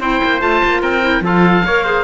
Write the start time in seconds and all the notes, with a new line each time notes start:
0.00 C4 E4 C5 G5
0.24 A#3
0.40 A3 F4 A5
0.65 A#3
0.82 C4 A#4 G5
1.02 E4
1.21 F3 F4 A4 F5
1.65 A#3 A#4 C#5
1.84 G#4 C5